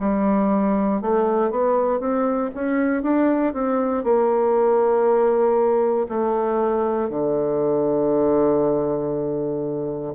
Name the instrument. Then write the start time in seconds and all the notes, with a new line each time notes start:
bassoon
0.00 G3
1.02 A3
1.51 B3
2.00 C4
2.55 C#4
3.03 D4
3.54 C4
4.04 A#3
6.09 A3
7.10 D3